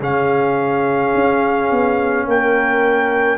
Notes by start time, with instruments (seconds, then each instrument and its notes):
0.00 tuba C#3, trombone C#4, horn G#4, trumpet F5
1.15 tuba C#4
1.71 tuba B3
2.26 tuba A#3, horn A#4, trumpet G5